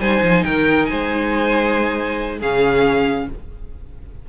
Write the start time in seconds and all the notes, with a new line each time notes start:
0.00 G3 D#4 C5 G#5
0.22 F3
0.43 D#3 A#4 G5
0.86 C5 G#5
0.92 G#3
2.38 C#3 C#4 G#4 F5